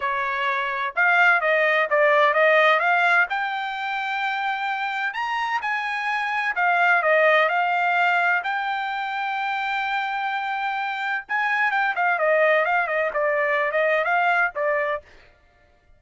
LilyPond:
\new Staff \with { instrumentName = "trumpet" } { \time 4/4 \tempo 4 = 128 cis''2 f''4 dis''4 | d''4 dis''4 f''4 g''4~ | g''2. ais''4 | gis''2 f''4 dis''4 |
f''2 g''2~ | g''1 | gis''4 g''8 f''8 dis''4 f''8 dis''8 | d''4~ d''16 dis''8. f''4 d''4 | }